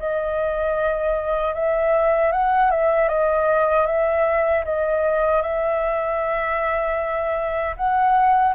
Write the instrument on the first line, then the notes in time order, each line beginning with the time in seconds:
flute
0.00 D#5
1.55 E5
2.33 F#5
2.71 E5
3.09 D#5
3.87 E5
4.65 D#5
5.43 E5
7.77 F#5